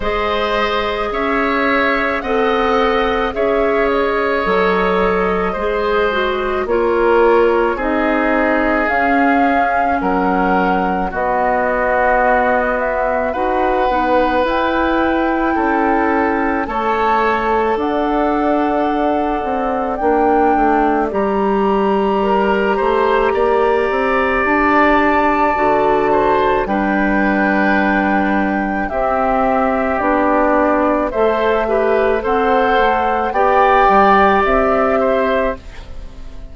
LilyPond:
<<
  \new Staff \with { instrumentName = "flute" } { \time 4/4 \tempo 4 = 54 dis''4 e''4 fis''4 e''8 dis''8~ | dis''2 cis''4 dis''4 | f''4 fis''4 dis''4. e''8 | fis''4 g''2 a''4 |
fis''2 g''4 ais''4~ | ais''2 a''2 | g''2 e''4 d''4 | e''4 fis''4 g''4 e''4 | }
  \new Staff \with { instrumentName = "oboe" } { \time 4/4 c''4 cis''4 dis''4 cis''4~ | cis''4 c''4 ais'4 gis'4~ | gis'4 ais'4 fis'2 | b'2 a'4 cis''4 |
d''1 | ais'8 c''8 d''2~ d''8 c''8 | b'2 g'2 | c''8 b'8 c''4 d''4. c''8 | }
  \new Staff \with { instrumentName = "clarinet" } { \time 4/4 gis'2 a'4 gis'4 | a'4 gis'8 fis'8 f'4 dis'4 | cis'2 b2 | fis'8 dis'8 e'2 a'4~ |
a'2 d'4 g'4~ | g'2. fis'4 | d'2 c'4 d'4 | a'8 g'8 a'4 g'2 | }
  \new Staff \with { instrumentName = "bassoon" } { \time 4/4 gis4 cis'4 c'4 cis'4 | fis4 gis4 ais4 c'4 | cis'4 fis4 b2 | dis'8 b8 e'4 cis'4 a4 |
d'4. c'8 ais8 a8 g4~ | g8 a8 ais8 c'8 d'4 d4 | g2 c'4 b4 | a4 c'8 a8 b8 g8 c'4 | }
>>